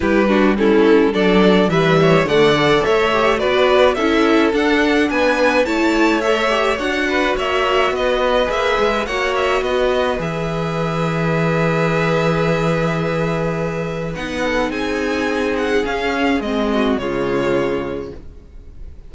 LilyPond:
<<
  \new Staff \with { instrumentName = "violin" } { \time 4/4 \tempo 4 = 106 b'4 a'4 d''4 e''4 | fis''4 e''4 d''4 e''4 | fis''4 gis''4 a''4 e''4 | fis''4 e''4 dis''4 e''4 |
fis''8 e''8 dis''4 e''2~ | e''1~ | e''4 fis''4 gis''4. fis''8 | f''4 dis''4 cis''2 | }
  \new Staff \with { instrumentName = "violin" } { \time 4/4 g'8 fis'8 e'4 a'4 b'8 cis''8 | d''4 cis''4 b'4 a'4~ | a'4 b'4 cis''2~ | cis''8 b'8 cis''4 b'2 |
cis''4 b'2.~ | b'1~ | b'4. a'8 gis'2~ | gis'4. fis'8 f'2 | }
  \new Staff \with { instrumentName = "viola" } { \time 4/4 e'8 d'8 cis'4 d'4 g4 | a8 a'4 g'8 fis'4 e'4 | d'2 e'4 a'8 g'8 | fis'2. gis'4 |
fis'2 gis'2~ | gis'1~ | gis'4 dis'2. | cis'4 c'4 gis2 | }
  \new Staff \with { instrumentName = "cello" } { \time 4/4 g2 fis4 e4 | d4 a4 b4 cis'4 | d'4 b4 a2 | d'4 ais4 b4 ais8 gis8 |
ais4 b4 e2~ | e1~ | e4 b4 c'2 | cis'4 gis4 cis2 | }
>>